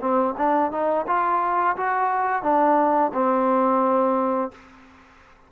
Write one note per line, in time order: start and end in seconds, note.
0.00 0.34 C4
0.37 0.71 D4
0.71 1.06 D#4
1.07 1.76 F4
1.76 2.43 F#4
2.43 3.12 D4
3.13 4.51 C4